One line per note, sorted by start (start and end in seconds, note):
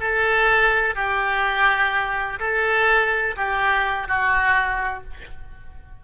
0.00 0.95 A4
0.95 2.39 G4
2.40 3.36 A4
3.36 4.08 G4
4.08 5.04 F#4